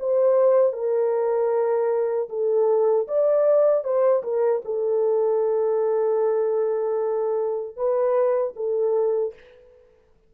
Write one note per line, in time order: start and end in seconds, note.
0.00 0.73 C5
0.73 2.29 A#4
2.30 3.07 A4
3.08 3.84 D5
3.84 4.23 C5
4.24 4.63 A#4
4.65 7.76 A4
7.76 8.54 B4
8.56 9.34 A4